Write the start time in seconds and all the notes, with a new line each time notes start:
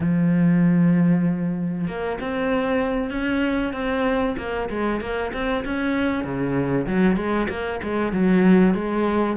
0.00 F3
1.88 A#3
2.20 C4
3.10 C#4
3.73 C4
4.38 A#3
4.69 G#3
5.00 A#3
5.33 C4
5.64 C#4
6.24 C#3
6.86 F#3
7.16 G#3
7.49 A#3
7.83 G#3
8.12 F#3
8.74 G#3